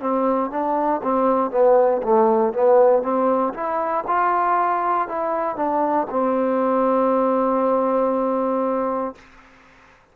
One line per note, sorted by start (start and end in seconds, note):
0.00 0.50 C4
0.50 1.01 D4
1.03 1.50 C4
1.50 2.01 B3
2.02 2.53 A3
2.53 3.02 B3
3.02 3.53 C4
3.53 4.04 E4
4.07 5.08 F4
5.08 5.56 E4
5.56 6.06 D4
6.10 9.15 C4